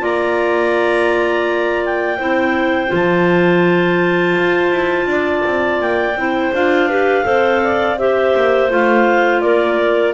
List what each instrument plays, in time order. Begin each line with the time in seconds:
0.00 double bass A#3, clarinet F4 D5 A#5
1.85 clarinet G5
2.18 double bass C4, clarinet E4 C5
2.88 double bass F3, clarinet F4
2.94 clarinet A5
4.38 double bass F4
4.72 double bass E4
5.06 double bass D4, clarinet D5
5.45 double bass C4
5.80 double bass A#3, clarinet G5
6.15 double bass C4, clarinet E4 C5
6.53 double bass D4, clarinet F4 F5
6.89 clarinet G4 B4
7.24 double bass C4, clarinet A4 C5
7.63 clarinet D5
7.98 clarinet G4 C5 E5
8.36 double bass A#3
8.70 double bass A3, clarinet F4 F5
9.41 double bass A#3, clarinet A#4 D5